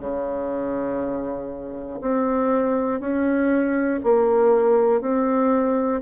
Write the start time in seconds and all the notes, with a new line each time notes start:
0.00 C#3
2.01 C4
3.00 C#4
4.04 A#3
5.01 C4